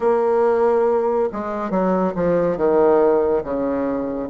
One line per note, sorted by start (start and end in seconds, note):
0.00 1.29 A#3
1.32 1.70 G#3
1.70 2.13 F#3
2.15 2.57 F3
2.57 3.42 D#3
3.43 4.29 C#3